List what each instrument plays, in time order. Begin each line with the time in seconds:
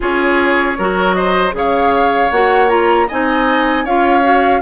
0.00 bassoon C#4, clarinet F4, oboe G#4, flute C#5
0.77 bassoon F#3, clarinet F#4, oboe A#4
1.13 oboe C5, flute D#5
1.51 bassoon C#3, clarinet G#4, oboe C#5, flute F5
2.31 bassoon A#3, clarinet F#4, flute F#5
2.68 clarinet F4, flute A#5
3.07 bassoon C4, clarinet D#4, oboe D#5, flute G#5
3.84 bassoon C#4, clarinet F4, oboe C#5, flute F5
4.22 clarinet F#4